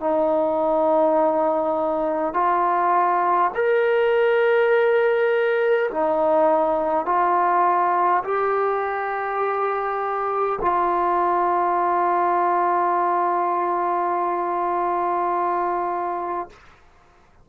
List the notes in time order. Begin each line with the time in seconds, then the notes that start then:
0.00 D#4
2.34 F4
3.55 A#4
5.91 D#4
7.06 F4
8.24 G4
10.61 F4